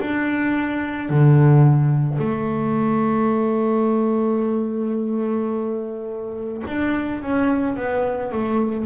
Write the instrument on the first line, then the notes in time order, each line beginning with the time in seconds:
double bass
0.00 D4
1.09 D3
2.18 A3
6.67 D4
7.22 C#4
7.76 B3
8.31 A3